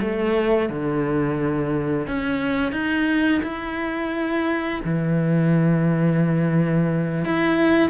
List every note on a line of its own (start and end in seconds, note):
0.00 0.69 A3
0.69 2.07 D3
2.07 2.71 C#4
2.71 3.40 D#4
3.42 4.80 E4
4.84 7.24 E3
7.24 7.89 E4